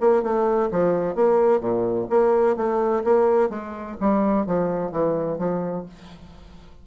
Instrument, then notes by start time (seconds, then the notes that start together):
bassoon
0.00 A#3
0.22 A3
0.71 F3
1.15 A#3
1.60 A#2
2.09 A#3
2.56 A3
3.04 A#3
3.49 G#3
4.00 G3
4.46 F3
4.91 E3
5.38 F3